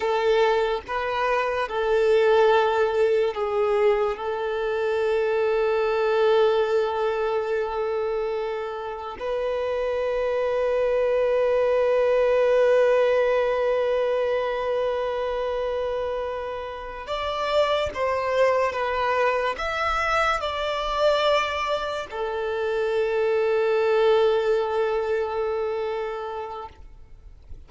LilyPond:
\new Staff \with { instrumentName = "violin" } { \time 4/4 \tempo 4 = 72 a'4 b'4 a'2 | gis'4 a'2.~ | a'2. b'4~ | b'1~ |
b'1~ | b'8 d''4 c''4 b'4 e''8~ | e''8 d''2 a'4.~ | a'1 | }